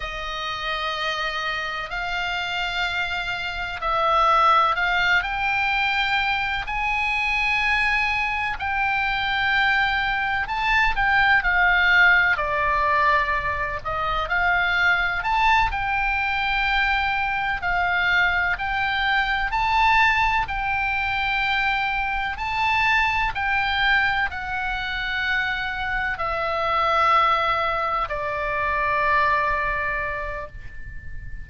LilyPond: \new Staff \with { instrumentName = "oboe" } { \time 4/4 \tempo 4 = 63 dis''2 f''2 | e''4 f''8 g''4. gis''4~ | gis''4 g''2 a''8 g''8 | f''4 d''4. dis''8 f''4 |
a''8 g''2 f''4 g''8~ | g''8 a''4 g''2 a''8~ | a''8 g''4 fis''2 e''8~ | e''4. d''2~ d''8 | }